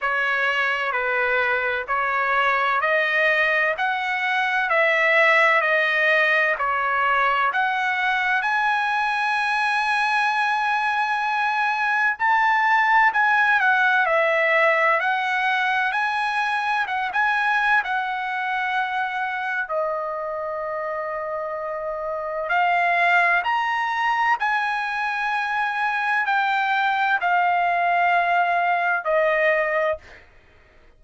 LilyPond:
\new Staff \with { instrumentName = "trumpet" } { \time 4/4 \tempo 4 = 64 cis''4 b'4 cis''4 dis''4 | fis''4 e''4 dis''4 cis''4 | fis''4 gis''2.~ | gis''4 a''4 gis''8 fis''8 e''4 |
fis''4 gis''4 fis''16 gis''8. fis''4~ | fis''4 dis''2. | f''4 ais''4 gis''2 | g''4 f''2 dis''4 | }